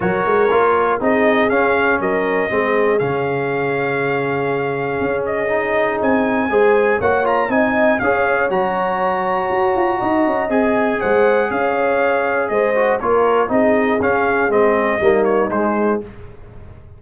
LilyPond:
<<
  \new Staff \with { instrumentName = "trumpet" } { \time 4/4 \tempo 4 = 120 cis''2 dis''4 f''4 | dis''2 f''2~ | f''2~ f''8 dis''4. | gis''2 fis''8 ais''8 gis''4 |
f''4 ais''2.~ | ais''4 gis''4 fis''4 f''4~ | f''4 dis''4 cis''4 dis''4 | f''4 dis''4. cis''8 c''4 | }
  \new Staff \with { instrumentName = "horn" } { \time 4/4 ais'2 gis'2 | ais'4 gis'2.~ | gis'1~ | gis'4 c''4 cis''4 dis''4 |
cis''1 | dis''2 c''4 cis''4~ | cis''4 c''4 ais'4 gis'4~ | gis'2 dis'2 | }
  \new Staff \with { instrumentName = "trombone" } { \time 4/4 fis'4 f'4 dis'4 cis'4~ | cis'4 c'4 cis'2~ | cis'2. dis'4~ | dis'4 gis'4 fis'8 f'8 dis'4 |
gis'4 fis'2.~ | fis'4 gis'2.~ | gis'4. fis'8 f'4 dis'4 | cis'4 c'4 ais4 gis4 | }
  \new Staff \with { instrumentName = "tuba" } { \time 4/4 fis8 gis8 ais4 c'4 cis'4 | fis4 gis4 cis2~ | cis2 cis'2 | c'4 gis4 ais4 c'4 |
cis'4 fis2 fis'8 f'8 | dis'8 cis'8 c'4 gis4 cis'4~ | cis'4 gis4 ais4 c'4 | cis'4 gis4 g4 gis4 | }
>>